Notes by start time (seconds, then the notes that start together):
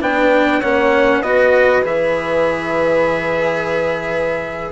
0.00 B3 D4 B4 G5
0.59 A#3 C#4 C#5 F#5
1.19 B3 F#4 B4 D#5
1.82 E3 G#4 E5